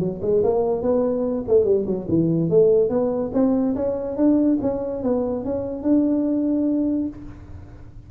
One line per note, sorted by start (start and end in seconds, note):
0.00 0.21 F#3
0.22 0.43 G#3
0.44 0.83 A#3
0.83 1.45 B3
1.48 1.65 A3
1.65 1.86 G3
1.87 2.08 F#3
2.09 2.51 E3
2.51 2.90 A3
2.90 3.32 B3
3.34 3.76 C4
3.76 4.17 C#4
4.17 4.59 D4
4.62 5.03 C#4
5.03 5.45 B3
5.45 5.83 C#4
5.83 7.08 D4